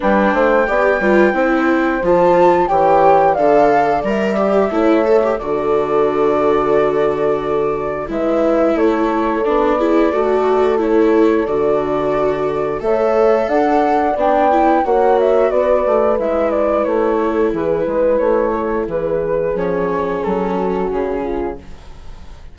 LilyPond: <<
  \new Staff \with { instrumentName = "flute" } { \time 4/4 \tempo 4 = 89 g''2. a''4 | g''4 f''4 e''2 | d''1 | e''4 cis''4 d''2 |
cis''4 d''2 e''4 | fis''4 g''4 fis''8 e''8 d''4 | e''8 d''8 cis''4 b'4 cis''4 | b'4 cis''4 a'4 gis'4 | }
  \new Staff \with { instrumentName = "horn" } { \time 4/4 b'8 c''8 d''8 b'8 c''2 | cis''4 d''2 cis''4 | a'1 | b'4 a'4. gis'8 a'4~ |
a'2. cis''4 | d''2 cis''4 b'4~ | b'4. a'8 gis'8 b'4 a'8 | gis'2~ gis'8 fis'4 f'8 | }
  \new Staff \with { instrumentName = "viola" } { \time 4/4 d'4 g'8 f'8 e'4 f'4 | g'4 a'4 ais'8 g'8 e'8 a'16 g'16 | fis'1 | e'2 d'8 e'8 fis'4 |
e'4 fis'2 a'4~ | a'4 d'8 e'8 fis'2 | e'1~ | e'4 cis'2. | }
  \new Staff \with { instrumentName = "bassoon" } { \time 4/4 g8 a8 b8 g8 c'4 f4 | e4 d4 g4 a4 | d1 | gis4 a4 b4 a4~ |
a4 d2 a4 | d'4 b4 ais4 b8 a8 | gis4 a4 e8 gis8 a4 | e4 f4 fis4 cis4 | }
>>